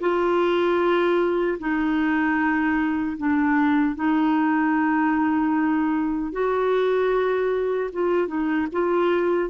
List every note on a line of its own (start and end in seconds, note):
0.00 1.58 F4
1.59 3.17 D#4
3.17 3.95 D4
3.95 6.32 D#4
6.32 7.90 F#4
7.92 8.27 F4
8.27 8.67 D#4
8.72 9.50 F4